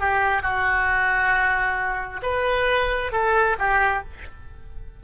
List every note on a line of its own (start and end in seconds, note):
0.00 0.42 G4
0.42 2.21 F#4
2.23 3.12 B4
3.12 3.57 A4
3.59 4.04 G4